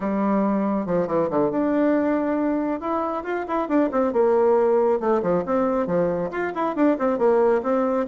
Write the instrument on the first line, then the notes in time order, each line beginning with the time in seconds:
bassoon
0.00 G3
0.86 F3
1.07 E3
1.30 D3
1.50 D4
2.80 E4
3.23 F4
3.47 E4
3.68 D4
3.91 C4
4.12 A#3
4.99 A3
5.22 F3
5.45 C4
5.86 F3
6.31 F4
6.55 E4
6.75 D4
6.98 C4
7.18 A#3
7.63 C4